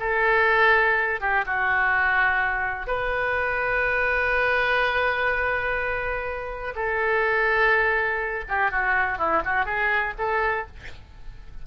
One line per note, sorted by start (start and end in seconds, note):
0.00 1.21 A4
1.21 1.45 G4
1.46 2.87 F#4
2.87 6.74 B4
6.75 8.45 A4
8.49 8.71 G4
8.71 9.18 F#4
9.18 9.42 E4
9.45 9.66 F#4
9.66 10.14 G#4
10.18 10.66 A4